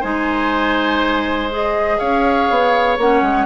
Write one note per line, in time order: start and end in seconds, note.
0.00 2.00 G#3
0.00 1.50 D#4
0.00 1.97 C5
0.00 1.50 G#5
1.51 2.98 G#4
1.51 1.99 D#5
1.99 2.49 C#4
1.99 3.45 C#5
1.99 2.97 F5
2.50 2.98 B3
2.98 3.22 A#3
2.98 3.45 C#4
2.98 3.45 F#5
3.22 3.45 G#3